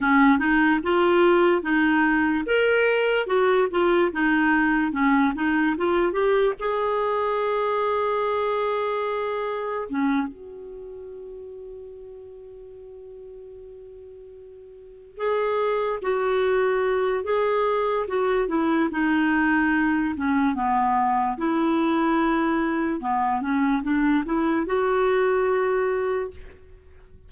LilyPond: \new Staff \with { instrumentName = "clarinet" } { \time 4/4 \tempo 4 = 73 cis'8 dis'8 f'4 dis'4 ais'4 | fis'8 f'8 dis'4 cis'8 dis'8 f'8 g'8 | gis'1 | cis'8 fis'2.~ fis'8~ |
fis'2~ fis'8 gis'4 fis'8~ | fis'4 gis'4 fis'8 e'8 dis'4~ | dis'8 cis'8 b4 e'2 | b8 cis'8 d'8 e'8 fis'2 | }